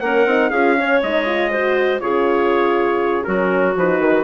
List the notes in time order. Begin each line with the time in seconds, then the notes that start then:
0.00 A#3 C#4 A#4 F#5
0.26 C4 D#4
0.50 C#4 F4 G#4 F5
0.77 C#4 C#5
1.02 G#3 D#4 D#5
1.26 F4
1.51 F#4 C5
2.00 C#3 F4 G#4 C#5
3.24 F#3 C#4 F#4 A#4
3.76 F3 D#4 B4
3.99 D#3